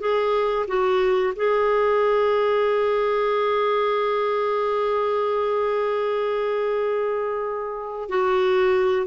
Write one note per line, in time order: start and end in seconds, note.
0.00 0.66 G#4
0.67 1.33 F#4
1.36 8.09 G#4
8.09 9.06 F#4